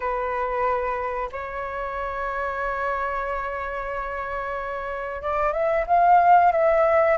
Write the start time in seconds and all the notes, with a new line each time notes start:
0.00 B4
1.32 C#5
5.22 D5
5.52 E5
5.86 F5
6.52 E5